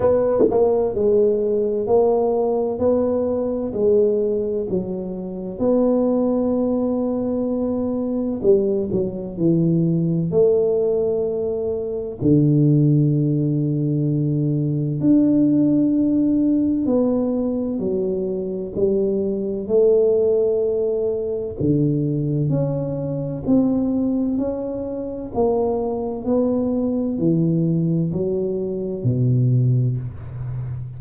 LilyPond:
\new Staff \with { instrumentName = "tuba" } { \time 4/4 \tempo 4 = 64 b8 ais8 gis4 ais4 b4 | gis4 fis4 b2~ | b4 g8 fis8 e4 a4~ | a4 d2. |
d'2 b4 fis4 | g4 a2 d4 | cis'4 c'4 cis'4 ais4 | b4 e4 fis4 b,4 | }